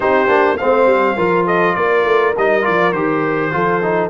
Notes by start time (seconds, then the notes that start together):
0.00 C4 D#4 G4 C5
0.27 A#3 D4
0.57 A3 C4 C5 F5
0.85 G3
1.16 F3 F4 A#4
1.45 A4 D#5
1.75 A#3 A#4 D5
2.04 A3
2.37 G3 D#4 D#5
2.62 F3 F4 D5
2.92 D#3 G4 C5
3.51 F3 F4 A4
3.83 D#4